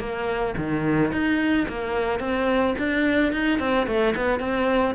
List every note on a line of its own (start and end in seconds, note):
0.00 0.55 A#3
0.58 1.12 D#3
1.12 1.67 D#4
1.69 2.20 A#3
2.20 2.75 C4
2.79 3.33 D4
3.33 3.59 D#4
3.59 3.87 C4
3.87 4.15 A3
4.16 4.40 B3
4.40 4.95 C4